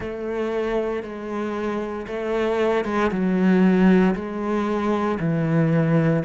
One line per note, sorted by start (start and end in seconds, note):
0.00 1.03 A3
1.03 2.06 G#3
2.07 2.84 A3
2.84 3.10 G#3
3.11 4.14 F#3
4.15 5.18 G#3
5.19 6.23 E3